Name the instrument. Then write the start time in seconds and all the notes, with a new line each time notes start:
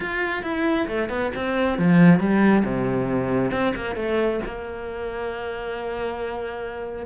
cello
0.00 F4
0.43 E4
0.87 A3
1.09 B3
1.35 C4
1.78 F3
2.19 G3
2.64 C3
3.51 C4
3.75 A#3
3.95 A3
4.45 A#3